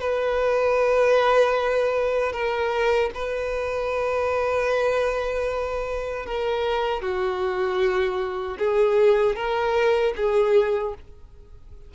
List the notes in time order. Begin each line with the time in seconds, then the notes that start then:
0.00 B4
2.32 A#4
3.14 B4
6.26 A#4
7.01 F#4
8.58 G#4
9.35 A#4
10.16 G#4